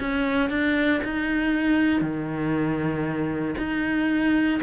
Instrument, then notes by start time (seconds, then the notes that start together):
cello
0.00 C#4
0.50 D4
1.04 D#4
2.02 D#3
3.58 D#4